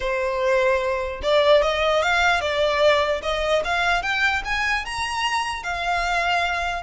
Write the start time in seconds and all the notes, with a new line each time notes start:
0.00 C5
1.22 D5
1.62 D#5
2.02 F5
2.40 D5
3.22 D#5
3.64 F5
4.02 G5
4.44 G#5
4.85 A#5
5.63 F5